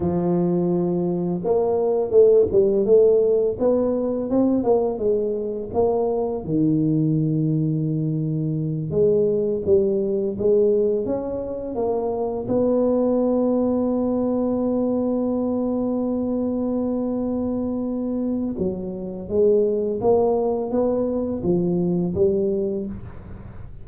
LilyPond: \new Staff \with { instrumentName = "tuba" } { \time 4/4 \tempo 4 = 84 f2 ais4 a8 g8 | a4 b4 c'8 ais8 gis4 | ais4 dis2.~ | dis8 gis4 g4 gis4 cis'8~ |
cis'8 ais4 b2~ b8~ | b1~ | b2 fis4 gis4 | ais4 b4 f4 g4 | }